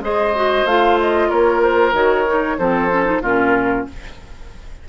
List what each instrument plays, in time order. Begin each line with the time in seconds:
0.00 bassoon G#3, clarinet G#4, oboe C5, flute D#5
0.35 clarinet F#4
0.65 bassoon A3, clarinet F4, flute F5
1.00 flute D#5
1.29 bassoon A#3, oboe A#4, flute C#5
1.63 flute C5
1.93 bassoon D#3, clarinet F#4, flute C#5
2.27 clarinet D#4
2.58 bassoon F3, clarinet C4, oboe A4, flute C5
2.91 clarinet C#4
3.05 clarinet D#4
3.21 bassoon A#2, clarinet C#4, oboe F4, flute A#4